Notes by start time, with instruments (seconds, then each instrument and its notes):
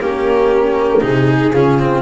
0.00 double bass A#3, cello C#4, violin G4, flute A#4
1.01 double bass C3, cello D#4, violin G#4, flute G#4
1.53 double bass C#3, cello C#4, flute F4
1.79 cello C4